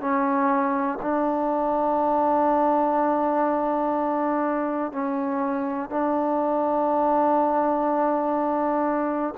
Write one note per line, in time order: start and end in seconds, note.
0.00 0.98 C#4
1.01 4.92 D4
4.92 5.90 C#4
5.90 9.34 D4